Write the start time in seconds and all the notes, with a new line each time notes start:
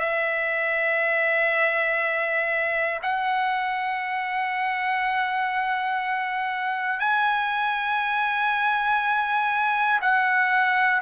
0.00 E5
3.03 F#5
7.00 G#5
10.01 F#5